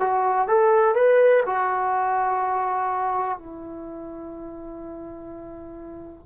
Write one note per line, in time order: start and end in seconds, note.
0.00 0.48 F#4
0.48 0.95 A4
0.95 1.44 B4
1.46 3.38 F#4
3.38 6.26 E4